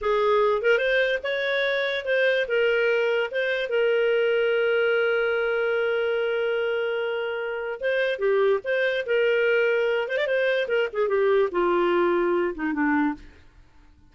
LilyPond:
\new Staff \with { instrumentName = "clarinet" } { \time 4/4 \tempo 4 = 146 gis'4. ais'8 c''4 cis''4~ | cis''4 c''4 ais'2 | c''4 ais'2.~ | ais'1~ |
ais'2. c''4 | g'4 c''4 ais'2~ | ais'8 c''16 d''16 c''4 ais'8 gis'8 g'4 | f'2~ f'8 dis'8 d'4 | }